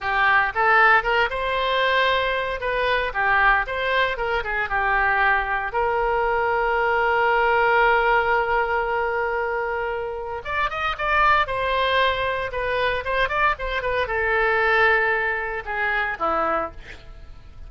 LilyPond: \new Staff \with { instrumentName = "oboe" } { \time 4/4 \tempo 4 = 115 g'4 a'4 ais'8 c''4.~ | c''4 b'4 g'4 c''4 | ais'8 gis'8 g'2 ais'4~ | ais'1~ |
ais'1 | d''8 dis''8 d''4 c''2 | b'4 c''8 d''8 c''8 b'8 a'4~ | a'2 gis'4 e'4 | }